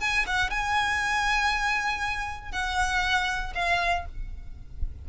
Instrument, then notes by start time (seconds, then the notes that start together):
violin
0.00 G#5
0.26 F#5
0.50 G#5
2.52 F#5
3.55 F5